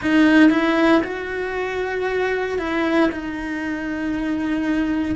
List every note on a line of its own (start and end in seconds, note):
0.02 0.49 D#4
0.49 1.01 E4
1.03 2.58 F#4
2.58 3.10 E4
3.11 5.15 D#4